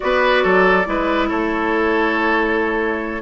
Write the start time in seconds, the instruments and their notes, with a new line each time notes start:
0.00 bassoon B3, clarinet F#4, oboe B4, flute D5
0.43 bassoon F#3, oboe A4
0.85 bassoon G#3, clarinet E4, oboe B4
1.28 bassoon A3, oboe A4, flute C#5